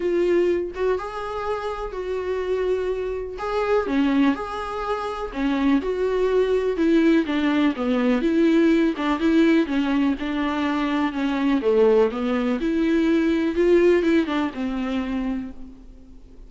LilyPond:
\new Staff \with { instrumentName = "viola" } { \time 4/4 \tempo 4 = 124 f'4. fis'8 gis'2 | fis'2. gis'4 | cis'4 gis'2 cis'4 | fis'2 e'4 d'4 |
b4 e'4. d'8 e'4 | cis'4 d'2 cis'4 | a4 b4 e'2 | f'4 e'8 d'8 c'2 | }